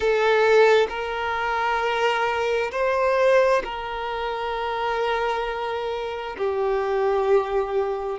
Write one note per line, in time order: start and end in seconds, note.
0.00 0.87 A4
0.89 2.71 A#4
2.71 3.62 C5
3.64 6.36 A#4
6.37 8.19 G4